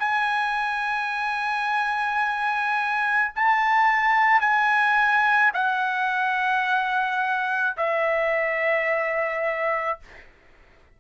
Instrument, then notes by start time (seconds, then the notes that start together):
trumpet
0.00 G#5
3.36 A5
4.41 G#5
5.55 F#5
7.78 E5